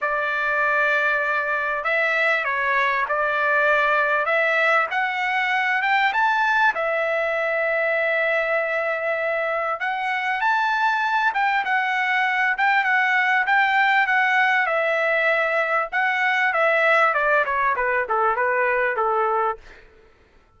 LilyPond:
\new Staff \with { instrumentName = "trumpet" } { \time 4/4 \tempo 4 = 98 d''2. e''4 | cis''4 d''2 e''4 | fis''4. g''8 a''4 e''4~ | e''1 |
fis''4 a''4. g''8 fis''4~ | fis''8 g''8 fis''4 g''4 fis''4 | e''2 fis''4 e''4 | d''8 cis''8 b'8 a'8 b'4 a'4 | }